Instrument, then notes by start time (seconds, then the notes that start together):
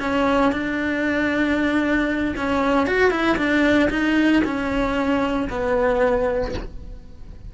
cello
0.00 C#4
0.52 D4
2.37 C#4
2.87 F#4
3.11 E4
3.37 D4
3.90 D#4
4.44 C#4
5.50 B3